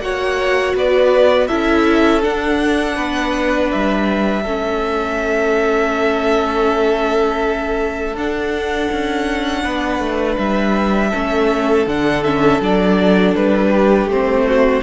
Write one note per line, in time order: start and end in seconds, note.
0.00 0.74 A#3
0.00 1.49 F#4
0.00 0.76 C#5
0.00 0.75 F#5
0.75 1.49 B3
0.75 1.48 B4
0.75 1.47 D5
1.47 2.25 C#4
1.47 2.22 E4
1.47 2.96 A4
1.47 2.21 E5
2.22 4.44 D4
2.22 2.96 D4
2.22 3.71 F#5
2.96 3.71 B3
2.96 4.42 B4
3.71 4.46 G3
3.71 8.16 E5
4.42 8.14 A3
4.42 8.16 C#4
4.42 9.61 A4
8.14 8.88 D4
8.14 11.13 D4
8.14 10.38 F#5
8.92 9.65 C#4
9.64 9.99 B3
9.64 11.09 B4
9.99 10.36 A3
10.38 11.12 G3
10.38 11.86 E5
11.09 11.86 A3
11.09 11.87 C#4
11.09 13.69 A4
11.86 12.60 D3
11.86 12.24 D4
11.86 12.23 F#5
12.23 12.62 C#4
12.23 12.60 E5
12.60 13.34 F#3
12.60 14.10 D4
12.60 13.35 D5
13.35 14.06 G3
13.35 14.09 B4
13.70 14.44 G4
14.06 14.80 A3
14.06 14.83 C4
14.06 14.83 C5
14.47 14.83 F#4